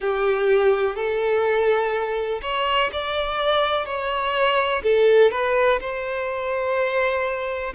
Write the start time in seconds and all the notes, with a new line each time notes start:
0.00 G4
0.95 A4
2.42 C#5
2.92 D5
3.85 C#5
4.83 A4
5.31 B4
5.80 C5